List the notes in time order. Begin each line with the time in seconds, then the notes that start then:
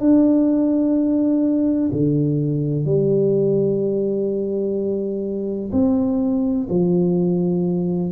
0.00 D4
1.92 D3
2.85 G3
5.72 C4
6.70 F3